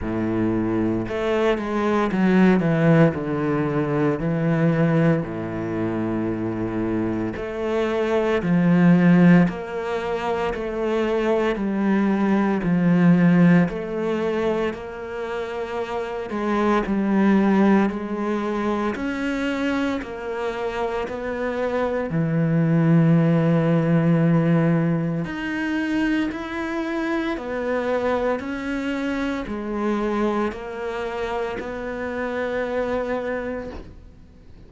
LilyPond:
\new Staff \with { instrumentName = "cello" } { \time 4/4 \tempo 4 = 57 a,4 a8 gis8 fis8 e8 d4 | e4 a,2 a4 | f4 ais4 a4 g4 | f4 a4 ais4. gis8 |
g4 gis4 cis'4 ais4 | b4 e2. | dis'4 e'4 b4 cis'4 | gis4 ais4 b2 | }